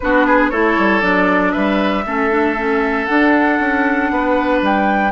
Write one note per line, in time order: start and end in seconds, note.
0.00 0.52 B3
0.00 0.52 D4
0.00 0.26 F#4
0.00 0.49 B4
0.26 0.50 G#4
0.49 0.77 A3
0.49 1.01 E4
0.49 1.52 A4
0.49 1.00 C#5
0.77 1.02 G3
1.00 1.53 F#3
1.00 2.03 D4
1.00 1.51 D5
1.51 2.05 G3
1.51 2.04 B4
1.51 3.05 E5
2.05 3.08 A3
2.05 2.30 C#4
2.05 4.11 A4
2.30 2.56 D4
2.57 3.07 C#4
3.05 5.11 D4
3.05 3.59 D4
3.05 4.59 F#5
3.59 4.10 C#4
4.10 4.61 B3
4.10 5.11 B4
4.61 5.11 G3
4.61 5.11 G5